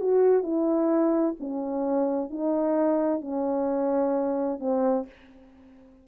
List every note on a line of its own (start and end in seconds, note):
0.00 0.42 F#4
0.42 1.35 E4
1.39 2.30 C#4
2.30 3.21 D#4
3.21 4.59 C#4
4.59 5.05 C4